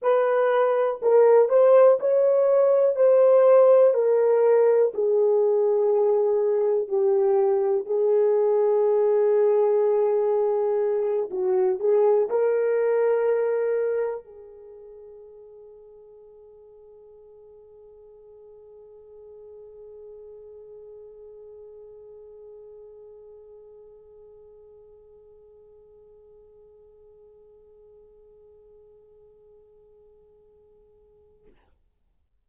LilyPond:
\new Staff \with { instrumentName = "horn" } { \time 4/4 \tempo 4 = 61 b'4 ais'8 c''8 cis''4 c''4 | ais'4 gis'2 g'4 | gis'2.~ gis'8 fis'8 | gis'8 ais'2 gis'4.~ |
gis'1~ | gis'1~ | gis'1~ | gis'1 | }